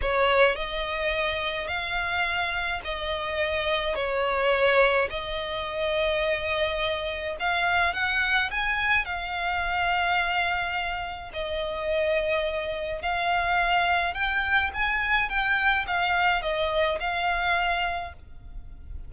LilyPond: \new Staff \with { instrumentName = "violin" } { \time 4/4 \tempo 4 = 106 cis''4 dis''2 f''4~ | f''4 dis''2 cis''4~ | cis''4 dis''2.~ | dis''4 f''4 fis''4 gis''4 |
f''1 | dis''2. f''4~ | f''4 g''4 gis''4 g''4 | f''4 dis''4 f''2 | }